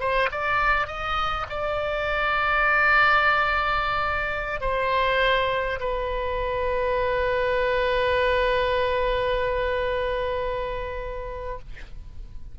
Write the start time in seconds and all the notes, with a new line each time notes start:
0.00 C5
0.32 D5
0.87 D#5
1.50 D5
4.61 C5
5.80 B4